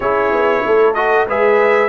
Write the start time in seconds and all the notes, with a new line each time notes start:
0.00 C#4 E4 G#4 C#5
0.32 B3
0.66 A3 A4
0.94 F#4 D#5
1.27 G#3 G#4 B4 E5